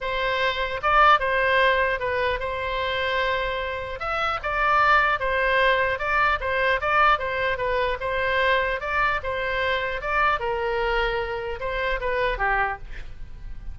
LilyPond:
\new Staff \with { instrumentName = "oboe" } { \time 4/4 \tempo 4 = 150 c''2 d''4 c''4~ | c''4 b'4 c''2~ | c''2 e''4 d''4~ | d''4 c''2 d''4 |
c''4 d''4 c''4 b'4 | c''2 d''4 c''4~ | c''4 d''4 ais'2~ | ais'4 c''4 b'4 g'4 | }